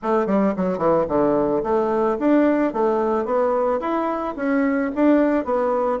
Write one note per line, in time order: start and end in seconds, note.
0.02 0.26 A3
0.26 0.53 G3
0.56 0.78 F#3
0.78 1.05 E3
1.08 1.62 D3
1.63 2.17 A3
2.19 2.73 D4
2.73 3.25 A3
3.25 3.80 B3
3.80 4.35 E4
4.36 4.90 C#4
4.95 5.44 D4
5.44 5.99 B3